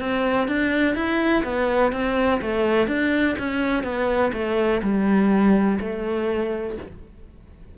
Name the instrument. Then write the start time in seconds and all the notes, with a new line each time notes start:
cello
0.00 C4
0.48 D4
0.95 E4
1.44 B3
1.92 C4
2.41 A3
2.87 D4
3.39 C#4
3.83 B3
4.33 A3
4.83 G3
5.80 A3